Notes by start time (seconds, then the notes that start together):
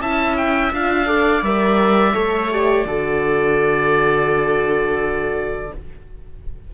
0.00 C#4 E4 E5 A5
0.37 G5
0.72 D4 F4 F5
1.06 A4 D5
1.42 G3 A#4 E5
2.13 A3 A4 C#5
2.51 G4 D5
2.85 D3 F#4 A4